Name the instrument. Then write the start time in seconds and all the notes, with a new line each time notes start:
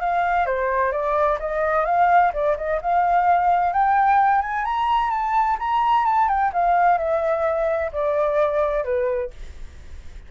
flute
0.00 F5
0.46 C5
0.92 D5
1.39 D#5
1.85 F5
2.33 D5
2.57 D#5
2.81 F5
3.73 G5
4.41 G#5
4.64 A#5
5.10 A5
5.59 A#5
6.05 A5
6.28 G5
6.53 F5
6.98 E5
7.92 D5
8.84 B4